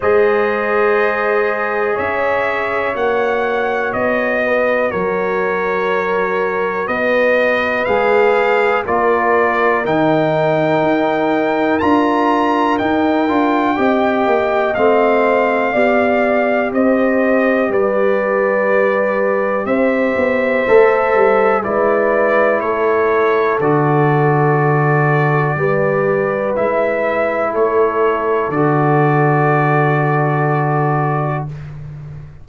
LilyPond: <<
  \new Staff \with { instrumentName = "trumpet" } { \time 4/4 \tempo 4 = 61 dis''2 e''4 fis''4 | dis''4 cis''2 dis''4 | f''4 d''4 g''2 | ais''4 g''2 f''4~ |
f''4 dis''4 d''2 | e''2 d''4 cis''4 | d''2. e''4 | cis''4 d''2. | }
  \new Staff \with { instrumentName = "horn" } { \time 4/4 c''2 cis''2~ | cis''8 b'8 ais'2 b'4~ | b'4 ais'2.~ | ais'2 dis''2 |
d''4 c''4 b'2 | c''2 b'4 a'4~ | a'2 b'2 | a'1 | }
  \new Staff \with { instrumentName = "trombone" } { \time 4/4 gis'2. fis'4~ | fis'1 | gis'4 f'4 dis'2 | f'4 dis'8 f'8 g'4 c'4 |
g'1~ | g'4 a'4 e'2 | fis'2 g'4 e'4~ | e'4 fis'2. | }
  \new Staff \with { instrumentName = "tuba" } { \time 4/4 gis2 cis'4 ais4 | b4 fis2 b4 | gis4 ais4 dis4 dis'4 | d'4 dis'8 d'8 c'8 ais8 a4 |
b4 c'4 g2 | c'8 b8 a8 g8 gis4 a4 | d2 g4 gis4 | a4 d2. | }
>>